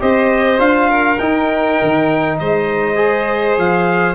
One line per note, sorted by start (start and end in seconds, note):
0.00 0.59 C4
0.00 0.58 G4
0.00 0.89 C5
0.00 0.60 D#5
0.58 1.18 D4
0.58 1.17 F4
0.58 1.19 F5
0.89 2.37 A#4
1.19 1.78 D#4
1.19 2.95 D#4
1.19 2.38 G5
1.82 2.40 D#3
2.38 3.58 G#3
2.38 4.15 C5
2.38 3.57 D#5
2.95 4.14 G#4
3.58 4.15 F3
3.58 4.15 F5